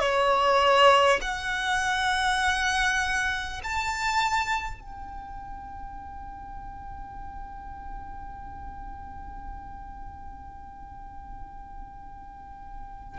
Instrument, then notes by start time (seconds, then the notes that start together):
violin
0.00 C#5
1.22 F#5
3.64 A5
4.81 G5